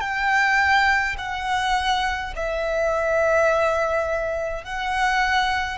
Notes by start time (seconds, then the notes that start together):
0.00 G5
1.17 F#5
2.35 E5
4.64 F#5